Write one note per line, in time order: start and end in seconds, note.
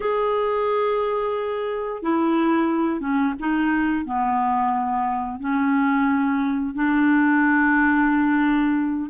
0.00 2.02 G#4
2.02 3.00 E4
3.00 3.34 C#4
3.39 4.05 D#4
4.05 5.40 B3
5.40 6.74 C#4
6.74 9.09 D4